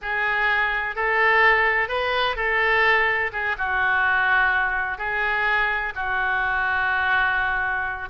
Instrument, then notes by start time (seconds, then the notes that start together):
oboe
0.01 G#4
0.95 A4
1.88 B4
2.35 A4
3.32 G#4
3.58 F#4
4.98 G#4
5.95 F#4